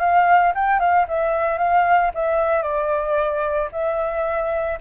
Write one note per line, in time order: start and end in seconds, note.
0.00 0.53 F5
0.55 0.80 G5
0.80 1.06 F5
1.08 1.58 E5
1.58 2.11 F5
2.15 2.63 E5
2.63 3.69 D5
3.72 4.78 E5